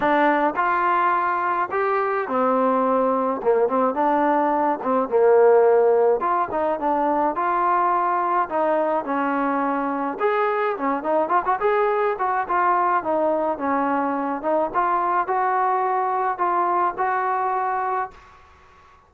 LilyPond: \new Staff \with { instrumentName = "trombone" } { \time 4/4 \tempo 4 = 106 d'4 f'2 g'4 | c'2 ais8 c'8 d'4~ | d'8 c'8 ais2 f'8 dis'8 | d'4 f'2 dis'4 |
cis'2 gis'4 cis'8 dis'8 | f'16 fis'16 gis'4 fis'8 f'4 dis'4 | cis'4. dis'8 f'4 fis'4~ | fis'4 f'4 fis'2 | }